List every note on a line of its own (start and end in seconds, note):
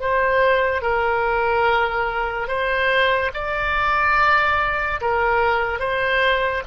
0.00 0.82 C5
0.82 2.48 A#4
2.48 3.31 C5
3.34 5.00 D5
5.01 5.79 A#4
5.79 6.62 C5